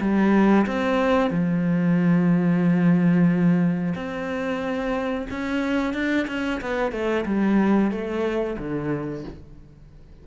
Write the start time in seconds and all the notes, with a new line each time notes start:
0.00 G3
0.66 C4
1.30 F3
3.95 C4
5.30 C#4
5.93 D4
6.27 C#4
6.61 B3
6.91 A3
7.25 G3
7.91 A3
8.58 D3